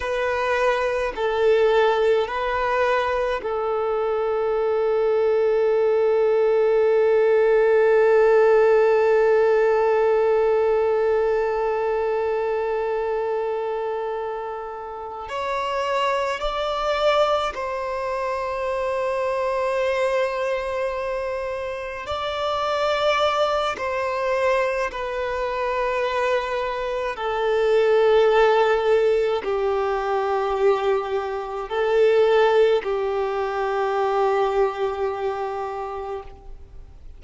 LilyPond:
\new Staff \with { instrumentName = "violin" } { \time 4/4 \tempo 4 = 53 b'4 a'4 b'4 a'4~ | a'1~ | a'1~ | a'4. cis''4 d''4 c''8~ |
c''2.~ c''8 d''8~ | d''4 c''4 b'2 | a'2 g'2 | a'4 g'2. | }